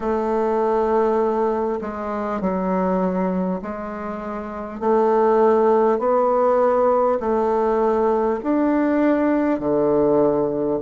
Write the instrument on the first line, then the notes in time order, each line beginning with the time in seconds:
bassoon
0.00 A3
1.81 G#3
2.40 F#3
3.62 G#3
4.80 A3
5.98 B3
7.19 A3
8.43 D4
9.59 D3